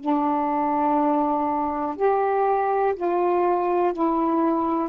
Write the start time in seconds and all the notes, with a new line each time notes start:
0.00 D4
1.96 G4
2.96 F4
3.93 E4